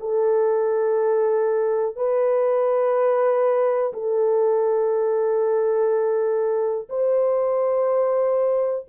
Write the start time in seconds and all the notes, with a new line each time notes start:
0.00 A4
1.96 B4
3.93 A4
6.89 C5